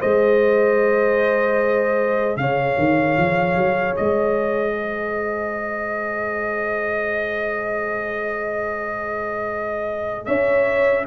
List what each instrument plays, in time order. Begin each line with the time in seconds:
0.00 tuba G#3, trombone G#4, horn C5, trumpet D#5
2.36 tuba C#3, horn C#5, trumpet F5
2.78 tuba D#3
3.17 tuba F3
3.56 tuba F#3
3.96 tuba G#3, trumpet D#5
4.73 horn C5
10.26 tuba C#4, horn C#5, trumpet E5